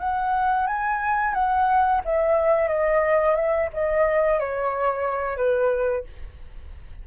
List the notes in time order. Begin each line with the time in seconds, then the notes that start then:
0.00 F#5
0.67 G#5
1.34 F#5
2.05 E5
2.68 D#5
3.36 E5
3.74 D#5
4.40 C#5
5.37 B4